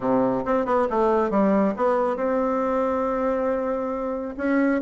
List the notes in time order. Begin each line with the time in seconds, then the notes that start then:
0.00 C3
0.45 C4
0.65 B3
0.90 A3
1.30 G3
1.76 B3
2.16 C4
4.37 C#4